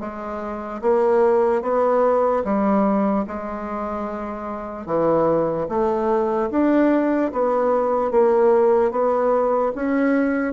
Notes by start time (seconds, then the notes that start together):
0.00 G#3
0.81 A#3
1.62 B3
2.44 G3
3.27 G#3
4.86 E3
5.69 A3
6.51 D4
7.32 B3
8.11 A#3
8.91 B3
9.75 C#4